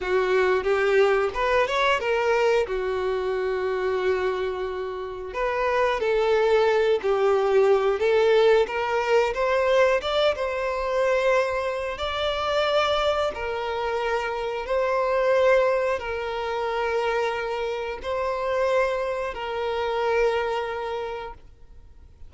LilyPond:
\new Staff \with { instrumentName = "violin" } { \time 4/4 \tempo 4 = 90 fis'4 g'4 b'8 cis''8 ais'4 | fis'1 | b'4 a'4. g'4. | a'4 ais'4 c''4 d''8 c''8~ |
c''2 d''2 | ais'2 c''2 | ais'2. c''4~ | c''4 ais'2. | }